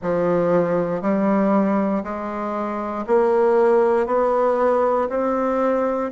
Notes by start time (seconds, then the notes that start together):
0.01 F3
1.01 G3
2.03 G#3
3.06 A#3
4.06 B3
5.09 C4